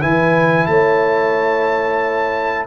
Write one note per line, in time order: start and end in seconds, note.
0.00 0.67 E3
0.00 2.66 E4
0.00 0.67 B4
0.00 0.66 G#5
0.66 2.66 A3
0.66 2.66 C#5
0.66 2.66 A5